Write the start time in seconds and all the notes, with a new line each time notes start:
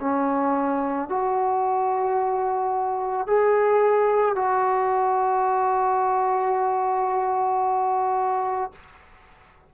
0.00 C#4
1.09 F#4
3.27 G#4
4.35 F#4